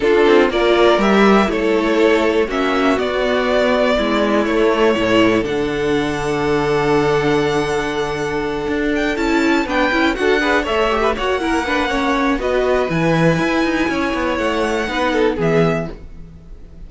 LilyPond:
<<
  \new Staff \with { instrumentName = "violin" } { \time 4/4 \tempo 4 = 121 a'4 d''4 e''4 cis''4~ | cis''4 e''4 d''2~ | d''4 cis''2 fis''4~ | fis''1~ |
fis''2 g''8 a''4 g''8~ | g''8 fis''4 e''4 fis''4.~ | fis''4 dis''4 gis''2~ | gis''4 fis''2 e''4 | }
  \new Staff \with { instrumentName = "violin" } { \time 4/4 f'4 ais'2 a'4~ | a'4 fis'2. | e'2 a'2~ | a'1~ |
a'2.~ a'8 b'8~ | b'8 a'8 b'8 cis''8. b'16 cis''8 ais'8 b'8 | cis''4 b'2. | cis''2 b'8 a'8 gis'4 | }
  \new Staff \with { instrumentName = "viola" } { \time 4/4 d'4 f'4 g'4 e'4~ | e'4 cis'4 b2~ | b4 a4 e'4 d'4~ | d'1~ |
d'2~ d'8 e'4 d'8 | e'8 fis'8 gis'8 a'8 g'8 fis'8 e'8 d'8 | cis'4 fis'4 e'2~ | e'2 dis'4 b4 | }
  \new Staff \with { instrumentName = "cello" } { \time 4/4 d'8 c'8 ais4 g4 a4~ | a4 ais4 b2 | gis4 a4 a,4 d4~ | d1~ |
d4. d'4 cis'4 b8 | cis'8 d'4 a4 ais4.~ | ais4 b4 e4 e'8 dis'8 | cis'8 b8 a4 b4 e4 | }
>>